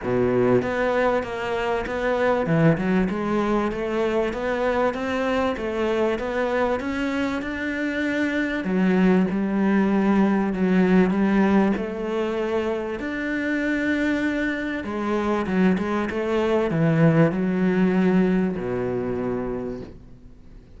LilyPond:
\new Staff \with { instrumentName = "cello" } { \time 4/4 \tempo 4 = 97 b,4 b4 ais4 b4 | e8 fis8 gis4 a4 b4 | c'4 a4 b4 cis'4 | d'2 fis4 g4~ |
g4 fis4 g4 a4~ | a4 d'2. | gis4 fis8 gis8 a4 e4 | fis2 b,2 | }